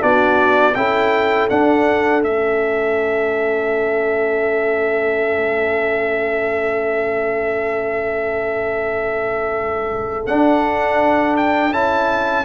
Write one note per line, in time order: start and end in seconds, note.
0.00 0.76 B3
0.00 0.73 D4
0.00 0.76 F#4
0.00 0.75 D5
0.75 1.50 C#4
0.75 1.51 E4
0.75 12.45 A4
0.75 1.48 G5
1.50 2.23 D4
1.50 2.23 F#5
2.23 10.27 A3
2.23 10.28 C#4
2.23 10.27 E5
10.27 11.72 D4
10.27 11.73 D4
10.27 11.37 F#5
11.37 11.74 G5
11.72 12.45 C#4
11.72 12.45 E4
11.72 12.45 A5